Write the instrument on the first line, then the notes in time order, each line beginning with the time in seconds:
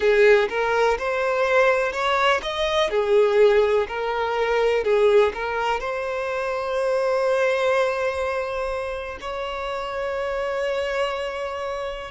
violin
0.00 G#4
0.49 A#4
0.98 C5
1.92 C#5
2.42 D#5
2.90 G#4
3.88 A#4
4.84 G#4
5.34 A#4
5.79 C5
9.21 C#5